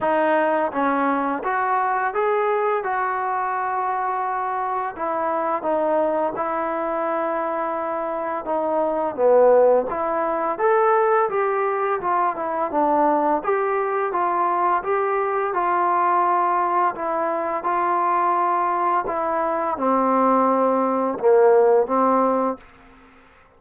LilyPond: \new Staff \with { instrumentName = "trombone" } { \time 4/4 \tempo 4 = 85 dis'4 cis'4 fis'4 gis'4 | fis'2. e'4 | dis'4 e'2. | dis'4 b4 e'4 a'4 |
g'4 f'8 e'8 d'4 g'4 | f'4 g'4 f'2 | e'4 f'2 e'4 | c'2 ais4 c'4 | }